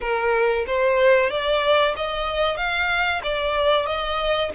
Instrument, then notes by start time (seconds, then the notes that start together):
violin
0.00 A#4
0.66 C5
1.30 D5
1.96 D#5
2.56 F5
3.23 D5
3.85 D#5